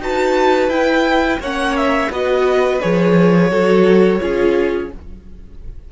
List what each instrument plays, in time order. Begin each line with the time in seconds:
0.00 cello D#4, viola F#4, violin B4 A5
0.68 cello E4, viola E4, violin G5
1.40 cello A#3, viola C#4, violin C#5 F#5
1.76 violin E5
2.10 cello B3, viola F#4, violin B4 D#5
2.81 cello F3, viola G#4, violin C#5
3.50 cello F#3, viola F#4, violin A4
4.20 cello C#4, viola F4, violin G#4